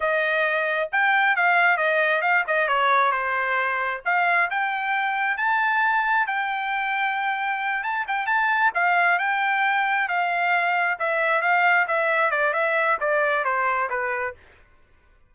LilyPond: \new Staff \with { instrumentName = "trumpet" } { \time 4/4 \tempo 4 = 134 dis''2 g''4 f''4 | dis''4 f''8 dis''8 cis''4 c''4~ | c''4 f''4 g''2 | a''2 g''2~ |
g''4. a''8 g''8 a''4 f''8~ | f''8 g''2 f''4.~ | f''8 e''4 f''4 e''4 d''8 | e''4 d''4 c''4 b'4 | }